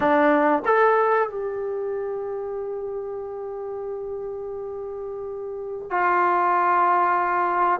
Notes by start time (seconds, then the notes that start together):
0.00 D4
0.65 A4
1.29 G4
5.90 F4